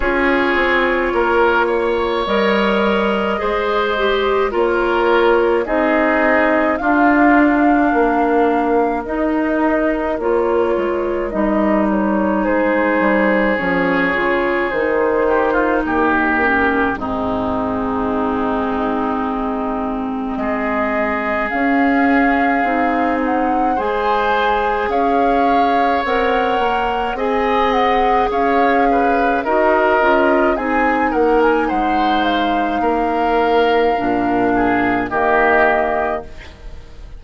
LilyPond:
<<
  \new Staff \with { instrumentName = "flute" } { \time 4/4 \tempo 4 = 53 cis''2 dis''2 | cis''4 dis''4 f''2 | dis''4 cis''4 dis''8 cis''8 c''4 | cis''4 c''4 ais'4 gis'4~ |
gis'2 dis''4 f''4~ | f''8 fis''8 gis''4 f''4 fis''4 | gis''8 fis''8 f''4 dis''4 gis''8 fis''16 gis''16 | fis''8 f''2~ f''8 dis''4 | }
  \new Staff \with { instrumentName = "oboe" } { \time 4/4 gis'4 ais'8 cis''4. c''4 | ais'4 gis'4 f'4 ais'4~ | ais'2. gis'4~ | gis'4. g'16 f'16 g'4 dis'4~ |
dis'2 gis'2~ | gis'4 c''4 cis''2 | dis''4 cis''8 b'8 ais'4 gis'8 ais'8 | c''4 ais'4. gis'8 g'4 | }
  \new Staff \with { instrumentName = "clarinet" } { \time 4/4 f'2 ais'4 gis'8 g'8 | f'4 dis'4 d'2 | dis'4 f'4 dis'2 | cis'8 f'8 dis'4. cis'8 c'4~ |
c'2. cis'4 | dis'4 gis'2 ais'4 | gis'2 fis'8 f'8 dis'4~ | dis'2 d'4 ais4 | }
  \new Staff \with { instrumentName = "bassoon" } { \time 4/4 cis'8 c'8 ais4 g4 gis4 | ais4 c'4 d'4 ais4 | dis'4 ais8 gis8 g4 gis8 g8 | f8 cis8 dis4 dis,4 gis,4~ |
gis,2 gis4 cis'4 | c'4 gis4 cis'4 c'8 ais8 | c'4 cis'4 dis'8 cis'8 c'8 ais8 | gis4 ais4 ais,4 dis4 | }
>>